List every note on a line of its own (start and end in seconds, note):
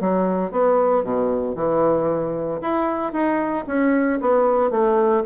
0.00 0.51 F#3
0.51 1.03 B3
1.03 1.55 B2
1.55 2.60 E3
2.61 3.12 E4
3.12 3.65 D#4
3.67 4.19 C#4
4.21 4.70 B3
4.70 5.23 A3